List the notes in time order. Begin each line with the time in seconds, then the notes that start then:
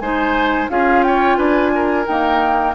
0.00 G#3 D#4 C5 G#5
0.70 C#4 F4 G#4 F5
1.03 C#5 G5
1.37 D4 B4 G#5
1.75 A#4
2.07 A#3 D#4 G5